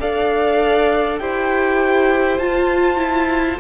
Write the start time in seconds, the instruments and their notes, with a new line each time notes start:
0.00 cello D4, viola A4, violin D5 F5
1.19 cello E4, viola G4, violin C5 G5
2.39 cello F4, viola F4, violin A5
2.97 viola E4